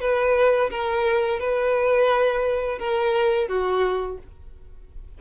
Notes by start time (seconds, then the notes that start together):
0.00 B4
0.70 A#4
1.39 B4
2.78 A#4
3.48 F#4